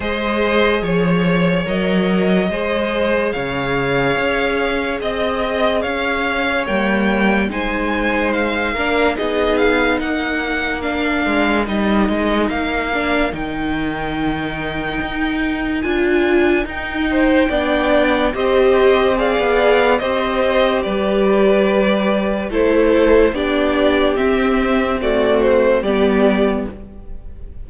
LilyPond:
<<
  \new Staff \with { instrumentName = "violin" } { \time 4/4 \tempo 4 = 72 dis''4 cis''4 dis''2 | f''2 dis''4 f''4 | g''4 gis''4 f''4 dis''8 f''8 | fis''4 f''4 dis''4 f''4 |
g''2. gis''4 | g''2 dis''4 f''4 | dis''4 d''2 c''4 | d''4 e''4 d''8 c''8 d''4 | }
  \new Staff \with { instrumentName = "violin" } { \time 4/4 c''4 cis''2 c''4 | cis''2 dis''4 cis''4~ | cis''4 c''4. ais'8 gis'4 | ais'1~ |
ais'1~ | ais'8 c''8 d''4 c''4 d''4 | c''4 b'2 a'4 | g'2 fis'4 g'4 | }
  \new Staff \with { instrumentName = "viola" } { \time 4/4 gis'2 ais'4 gis'4~ | gis'1 | ais4 dis'4. d'8 dis'4~ | dis'4 d'4 dis'4. d'8 |
dis'2. f'4 | dis'4 d'4 g'4 gis'4 | g'2. e'4 | d'4 c'4 a4 b4 | }
  \new Staff \with { instrumentName = "cello" } { \time 4/4 gis4 f4 fis4 gis4 | cis4 cis'4 c'4 cis'4 | g4 gis4. ais8 b4 | ais4. gis8 g8 gis8 ais4 |
dis2 dis'4 d'4 | dis'4 b4 c'4~ c'16 b8. | c'4 g2 a4 | b4 c'2 g4 | }
>>